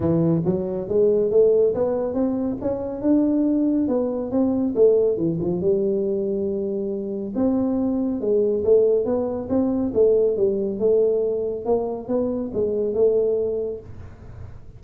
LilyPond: \new Staff \with { instrumentName = "tuba" } { \time 4/4 \tempo 4 = 139 e4 fis4 gis4 a4 | b4 c'4 cis'4 d'4~ | d'4 b4 c'4 a4 | e8 f8 g2.~ |
g4 c'2 gis4 | a4 b4 c'4 a4 | g4 a2 ais4 | b4 gis4 a2 | }